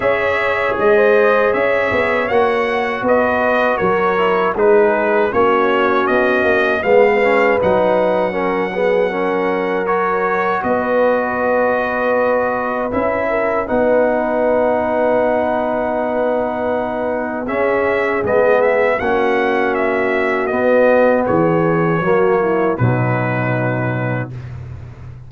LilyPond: <<
  \new Staff \with { instrumentName = "trumpet" } { \time 4/4 \tempo 4 = 79 e''4 dis''4 e''4 fis''4 | dis''4 cis''4 b'4 cis''4 | dis''4 f''4 fis''2~ | fis''4 cis''4 dis''2~ |
dis''4 e''4 fis''2~ | fis''2. e''4 | dis''8 e''8 fis''4 e''4 dis''4 | cis''2 b'2 | }
  \new Staff \with { instrumentName = "horn" } { \time 4/4 cis''4~ cis''16 c''8. cis''2 | b'4 ais'4 gis'4 fis'4~ | fis'4 b'2 ais'8 gis'8 | ais'2 b'2~ |
b'4. ais'8 b'2~ | b'2. gis'4~ | gis'4 fis'2. | gis'4 fis'8 e'8 dis'2 | }
  \new Staff \with { instrumentName = "trombone" } { \time 4/4 gis'2. fis'4~ | fis'4. e'8 dis'4 cis'4~ | cis'4 b8 cis'8 dis'4 cis'8 b8 | cis'4 fis'2.~ |
fis'4 e'4 dis'2~ | dis'2. cis'4 | b4 cis'2 b4~ | b4 ais4 fis2 | }
  \new Staff \with { instrumentName = "tuba" } { \time 4/4 cis'4 gis4 cis'8 b8 ais4 | b4 fis4 gis4 ais4 | b8 ais8 gis4 fis2~ | fis2 b2~ |
b4 cis'4 b2~ | b2. cis'4 | gis4 ais2 b4 | e4 fis4 b,2 | }
>>